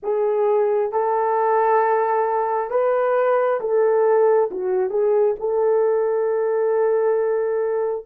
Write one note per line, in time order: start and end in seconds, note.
0.02 0.92 G#4
0.92 2.70 A4
2.70 3.59 B4
3.60 4.49 A4
4.50 4.90 F#4
4.90 5.34 G#4
5.39 8.05 A4